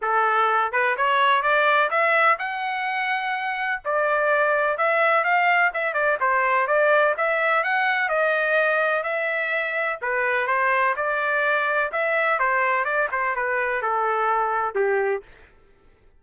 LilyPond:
\new Staff \with { instrumentName = "trumpet" } { \time 4/4 \tempo 4 = 126 a'4. b'8 cis''4 d''4 | e''4 fis''2. | d''2 e''4 f''4 | e''8 d''8 c''4 d''4 e''4 |
fis''4 dis''2 e''4~ | e''4 b'4 c''4 d''4~ | d''4 e''4 c''4 d''8 c''8 | b'4 a'2 g'4 | }